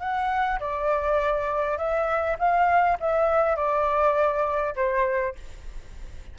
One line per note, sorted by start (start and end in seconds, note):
0.00 0.59 F#5
0.60 1.78 D5
1.78 2.37 E5
2.39 2.98 F5
3.00 3.56 E5
3.56 4.75 D5
4.76 5.35 C5